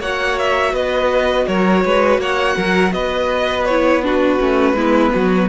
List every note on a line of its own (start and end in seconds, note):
0.00 0.73 A#3
0.00 3.69 F#4
0.00 0.73 C#5
0.00 0.39 F#5
0.39 0.75 E5
0.73 1.46 B3
0.73 1.46 B4
0.73 1.47 D#5
1.47 1.85 F#3
1.47 1.84 A#4
1.47 2.20 C#5
1.85 2.18 G#3
1.85 2.21 B4
2.18 2.55 A#3
2.18 2.56 C#5
2.18 2.93 F#5
2.56 2.93 F#3
2.56 2.92 A#4
2.93 4.39 B3
2.93 4.04 B4
2.93 3.66 D#5
3.66 4.03 E4
3.66 4.02 C#5
4.03 4.39 D4
4.03 4.76 F#4
4.03 5.49 B4
4.39 4.74 A3
4.39 4.75 C#4
4.74 5.10 G#3
4.74 5.49 B3
4.74 5.13 E4
5.14 5.49 F#3
5.14 5.49 F#4